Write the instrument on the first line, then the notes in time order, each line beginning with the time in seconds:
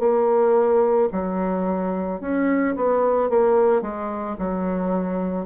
bassoon
0.00 A#3
1.12 F#3
2.21 C#4
2.76 B3
3.30 A#3
3.82 G#3
4.39 F#3